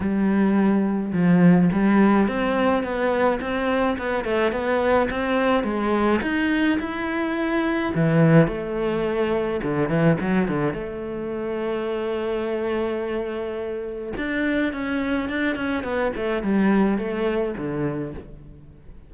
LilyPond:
\new Staff \with { instrumentName = "cello" } { \time 4/4 \tempo 4 = 106 g2 f4 g4 | c'4 b4 c'4 b8 a8 | b4 c'4 gis4 dis'4 | e'2 e4 a4~ |
a4 d8 e8 fis8 d8 a4~ | a1~ | a4 d'4 cis'4 d'8 cis'8 | b8 a8 g4 a4 d4 | }